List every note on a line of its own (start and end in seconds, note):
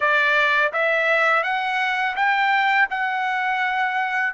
0.00 0.72 D5
0.72 1.43 E5
1.43 2.15 F#5
2.16 2.88 G5
2.90 4.33 F#5